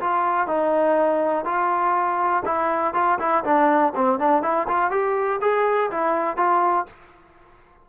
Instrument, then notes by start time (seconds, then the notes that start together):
trombone
0.00 F4
0.47 D#4
1.45 F4
2.45 E4
2.94 F4
3.19 E4
3.44 D4
3.95 C4
4.19 D4
4.42 E4
4.68 F4
4.91 G4
5.41 G#4
5.91 E4
6.37 F4